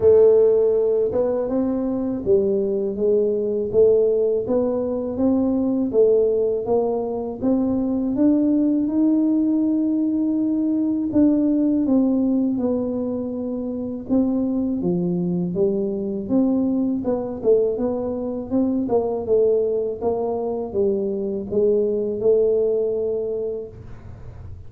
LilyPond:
\new Staff \with { instrumentName = "tuba" } { \time 4/4 \tempo 4 = 81 a4. b8 c'4 g4 | gis4 a4 b4 c'4 | a4 ais4 c'4 d'4 | dis'2. d'4 |
c'4 b2 c'4 | f4 g4 c'4 b8 a8 | b4 c'8 ais8 a4 ais4 | g4 gis4 a2 | }